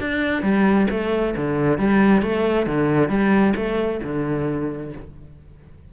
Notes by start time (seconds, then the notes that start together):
0.00 D4
0.42 G3
0.90 A3
1.36 D3
1.78 G3
2.22 A3
2.66 D3
3.09 G3
3.56 A3
4.03 D3